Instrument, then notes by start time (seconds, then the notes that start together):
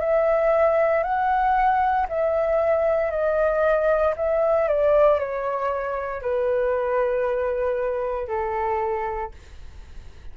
flute
0.00 E5
1.03 F#5
2.08 E5
3.11 D#5
4.16 E5
4.68 D5
5.19 C#5
6.22 B4
8.27 A4